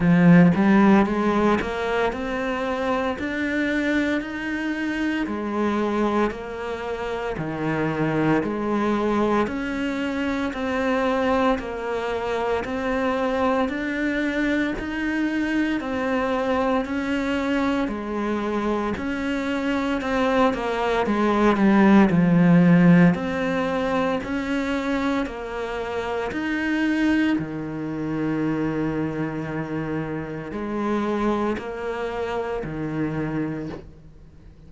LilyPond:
\new Staff \with { instrumentName = "cello" } { \time 4/4 \tempo 4 = 57 f8 g8 gis8 ais8 c'4 d'4 | dis'4 gis4 ais4 dis4 | gis4 cis'4 c'4 ais4 | c'4 d'4 dis'4 c'4 |
cis'4 gis4 cis'4 c'8 ais8 | gis8 g8 f4 c'4 cis'4 | ais4 dis'4 dis2~ | dis4 gis4 ais4 dis4 | }